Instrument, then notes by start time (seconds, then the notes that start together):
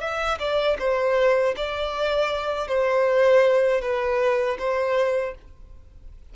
violin
0.00 E5
0.38 D5
0.78 C5
1.56 D5
2.67 C5
3.81 B4
4.58 C5